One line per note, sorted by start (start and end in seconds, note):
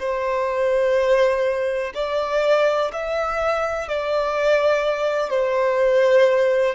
0.00 1.94 C5
1.95 2.92 D5
2.93 3.88 E5
3.88 5.30 D5
5.30 6.76 C5